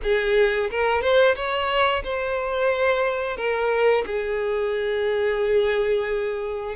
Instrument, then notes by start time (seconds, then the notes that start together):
violin
0.02 G#4
0.70 A#4
1.01 C5
1.35 C#5
2.04 C5
3.36 A#4
4.06 G#4